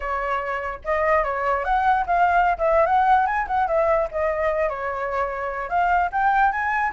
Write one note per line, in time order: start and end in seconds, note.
0.00 0.79 C#5
0.84 1.24 D#5
1.24 1.64 C#5
1.64 2.05 F#5
2.06 2.57 F5
2.58 2.86 E5
2.86 3.26 F#5
3.26 3.46 G#5
3.47 3.67 F#5
3.67 4.08 E5
4.11 4.69 D#5
4.69 5.69 C#5
5.69 6.10 F5
6.12 6.52 G5
6.52 6.92 G#5